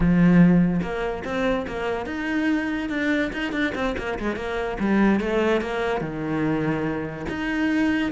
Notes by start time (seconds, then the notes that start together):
0.00 F3
0.81 A#3
1.24 C4
1.67 A#3
2.05 D#4
2.89 D4
3.32 D#4
3.52 D4
3.74 C4
3.98 A#3
4.19 G#3
4.36 A#3
4.79 G3
5.20 A3
5.61 A#3
6.01 D#3
7.28 D#4